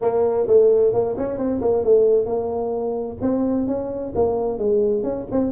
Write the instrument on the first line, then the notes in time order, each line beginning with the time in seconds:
tuba
0.01 A#3
0.47 A3
0.93 A#3
1.17 C#4
1.38 C4
1.61 A#3
1.84 A3
2.25 A#3
3.21 C4
3.67 C#4
4.15 A#3
4.58 G#3
5.03 C#4
5.31 C4